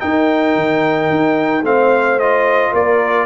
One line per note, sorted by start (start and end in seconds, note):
0.00 1.64 D#4
0.00 0.56 D#4
0.00 1.66 A#4
0.00 1.64 G5
0.56 1.11 D#3
1.11 1.63 D#4
1.63 2.72 A3
1.63 2.20 C4
1.63 2.72 C5
1.63 2.20 F5
2.20 3.27 F4
2.20 2.74 D#5
2.72 3.27 A#3
2.72 3.26 A#4
2.72 3.27 D5